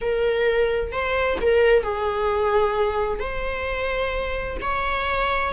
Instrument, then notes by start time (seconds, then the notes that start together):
viola
0.01 A#4
0.92 C5
1.41 A#4
1.83 G#4
3.19 C5
4.61 C#5